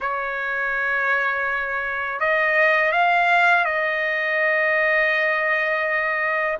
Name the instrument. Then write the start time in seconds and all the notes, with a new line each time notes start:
trumpet
0.00 C#5
2.20 D#5
2.92 F5
3.65 D#5